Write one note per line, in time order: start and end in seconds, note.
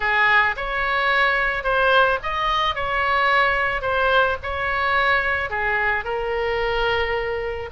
0.00 0.55 G#4
0.56 1.63 C#5
1.63 2.18 C5
2.22 2.75 D#5
2.75 3.81 C#5
3.81 4.36 C5
4.42 5.50 C#5
5.50 6.04 G#4
6.04 7.69 A#4